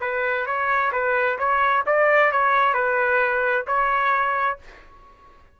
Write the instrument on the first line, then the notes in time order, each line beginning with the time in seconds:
trumpet
0.00 B4
0.46 C#5
0.92 B4
1.38 C#5
1.86 D5
2.32 C#5
2.74 B4
3.67 C#5